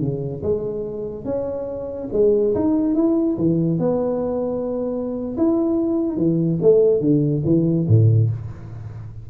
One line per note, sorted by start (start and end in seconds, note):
0.00 0.42 C#3
0.43 1.25 G#3
1.25 2.09 C#4
2.12 2.54 G#3
2.55 2.95 D#4
2.95 3.37 E4
3.37 3.79 E3
3.79 5.36 B3
5.37 6.17 E4
6.17 6.59 E3
6.62 7.01 A3
7.01 7.42 D3
7.45 7.87 E3
7.88 8.30 A2